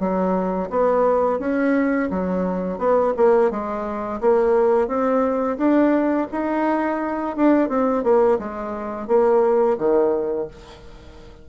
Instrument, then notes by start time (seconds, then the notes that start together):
bassoon
0.00 F#3
0.71 B3
1.40 C#4
2.11 F#3
2.79 B3
3.17 A#3
3.51 G#3
4.21 A#3
4.88 C4
5.58 D4
6.32 D#4
7.37 D4
7.69 C4
8.04 A#3
8.39 G#3
9.08 A#3
9.78 D#3